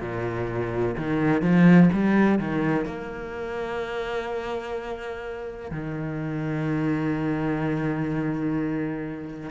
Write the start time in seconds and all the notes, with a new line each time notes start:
0.00 A#2
0.97 D#3
1.42 F3
1.93 G3
2.39 D#3
2.85 A#3
5.71 D#3